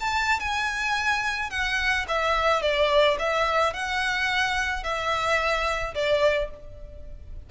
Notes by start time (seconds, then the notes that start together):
0.00 A5
0.39 G#5
1.50 F#5
2.08 E5
2.62 D5
3.19 E5
3.73 F#5
4.83 E5
5.94 D5